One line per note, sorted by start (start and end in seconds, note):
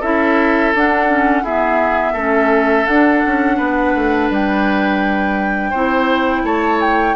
0.00 0.73 C#4
0.00 0.74 E4
0.00 1.43 A4
0.00 0.73 E5
0.74 1.42 D4
0.74 1.08 D4
0.74 1.45 F#5
1.08 1.44 C#4
1.42 2.16 B3
1.42 2.14 E4
1.42 2.13 G#4
1.42 2.86 E5
2.13 2.86 A3
2.13 2.87 C#4
2.13 3.56 A4
2.86 3.23 D4
2.86 5.73 D4
2.86 4.29 F#5
3.25 3.58 C#4
3.57 3.94 B3
3.57 5.70 B4
3.94 4.30 A3
4.30 5.72 G3
4.30 6.45 G5
5.70 6.43 C4
5.70 7.15 E4
5.70 6.41 C5
6.43 7.15 A3
6.43 7.15 C#5
6.43 6.81 A5
6.81 7.15 G5